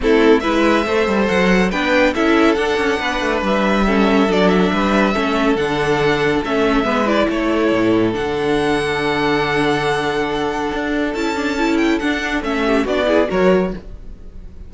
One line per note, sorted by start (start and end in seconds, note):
0.00 0.44 A3
0.00 0.41 C4
0.00 0.42 E4
0.00 0.40 A4
0.40 0.86 G#3
0.40 0.85 E4
0.40 0.85 B4
0.40 1.25 E5
0.85 1.07 A3
0.85 1.72 A4
0.85 1.71 C5
1.07 1.28 G3
1.27 1.72 F#3
1.27 1.70 F#5
1.71 2.14 B3
1.71 2.14 D4
1.71 2.13 B4
1.71 2.14 G5
2.14 2.57 C#4
2.14 2.56 E4
2.14 2.99 A4
2.14 2.54 E5
2.54 3.85 D4
2.54 2.77 D4
2.54 3.40 F#5
2.77 2.98 C#4
2.99 3.21 B3
2.99 3.85 B4
3.21 3.41 A3
3.41 4.27 G3
3.41 4.32 E5
3.86 4.27 C#4
3.86 4.72 A4
4.27 4.70 F#3
4.27 5.12 D4
4.27 4.48 D5
4.48 5.55 E5
4.72 5.15 G3
4.72 5.13 B4
5.13 5.55 A3
5.13 5.56 C#4
5.13 6.85 A4
5.55 6.41 D3
5.55 6.44 D4
5.55 6.42 F#5
6.43 6.84 A3
6.43 6.84 C#4
6.43 7.07 E5
6.84 7.27 G#3
6.84 7.05 B3
6.84 7.27 B4
7.05 8.12 E4
7.05 7.29 D5
7.28 7.71 A3
7.28 12.64 A4
7.28 8.14 C#5
7.72 8.14 A2
8.12 10.71 D3
8.12 11.12 D4
8.12 11.14 F#5
10.71 11.14 D4
11.14 12.00 C#4
11.14 11.35 E4
11.14 11.77 A5
11.35 11.57 D4
11.58 12.00 E4
11.77 11.98 G5
11.99 12.43 D4
11.99 12.42 D4
11.99 12.42 F#5
12.42 12.85 A3
12.42 12.86 C#4
12.42 12.86 E5
12.64 12.84 G4
12.84 13.28 B3
12.84 13.05 D4
12.84 13.06 F#4
12.84 13.29 D5
13.05 13.27 E4
13.05 13.28 G#4
13.27 13.73 F#3
13.27 13.70 F#4
13.27 13.72 A#4
13.27 13.73 C#5